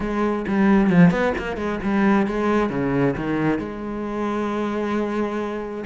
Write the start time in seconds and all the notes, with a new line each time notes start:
0.00 G#3
0.47 G3
0.90 F3
1.11 B3
1.38 A#3
1.56 G#3
1.83 G3
2.26 G#3
2.69 C#3
3.16 D#3
3.58 G#3